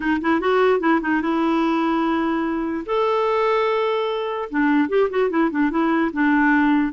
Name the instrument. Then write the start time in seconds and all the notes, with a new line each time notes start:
clarinet
0.00 D#4
0.21 E4
0.40 F#4
0.79 E4
1.01 D#4
1.21 E4
2.86 A4
4.50 D4
4.88 G4
5.10 F#4
5.30 E4
5.50 D4
5.70 E4
6.12 D4